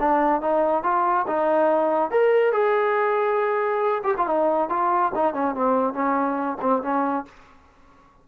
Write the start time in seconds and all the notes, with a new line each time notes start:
0.00 D4
0.42 D#4
0.83 F4
1.28 D#4
2.11 A#4
2.53 G#4
4.04 G4
4.17 F4
4.27 D#4
4.70 F4
5.15 D#4
5.34 C#4
5.55 C4
5.94 C#4
6.62 C4
6.83 C#4